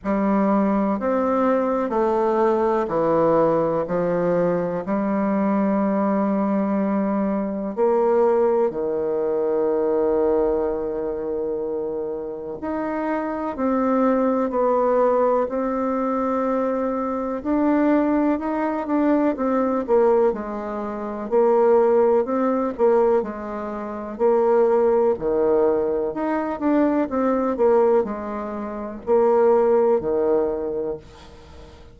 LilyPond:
\new Staff \with { instrumentName = "bassoon" } { \time 4/4 \tempo 4 = 62 g4 c'4 a4 e4 | f4 g2. | ais4 dis2.~ | dis4 dis'4 c'4 b4 |
c'2 d'4 dis'8 d'8 | c'8 ais8 gis4 ais4 c'8 ais8 | gis4 ais4 dis4 dis'8 d'8 | c'8 ais8 gis4 ais4 dis4 | }